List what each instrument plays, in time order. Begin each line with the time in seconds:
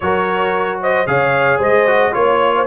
0.00 tuba F#3, trombone F#4, horn A#4, trumpet C#5
0.81 horn C5, trumpet D#5
1.06 tuba C#3, trombone G#4, horn C#5, trumpet F5
1.58 tuba G#3, horn C5, trumpet D#5
1.87 trombone F#4
2.12 tuba A#3, trombone F4, trumpet C#5, horn C#5
2.55 horn C5